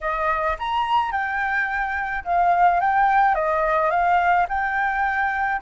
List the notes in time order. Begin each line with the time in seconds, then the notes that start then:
0.01 D#5
0.59 A#5
1.11 G5
2.24 F5
2.80 G5
3.35 D#5
3.90 F5
4.49 G5